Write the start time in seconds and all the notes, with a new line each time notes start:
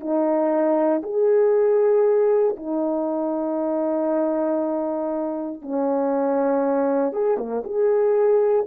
0.00 D#4
1.03 G#4
2.57 D#4
5.62 C#4
7.13 G#4
7.37 A#3
7.64 G#4